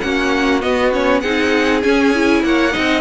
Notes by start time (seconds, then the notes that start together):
0.00 A#3 C#4 F#4 F#5
0.61 B3 D#5
0.92 C#4 C#5
1.20 C4 D#4 G#4 F#5
1.82 C#4 G#5
2.14 E4
2.43 A#3 C#5 F#5
2.71 C4 D#4 D#5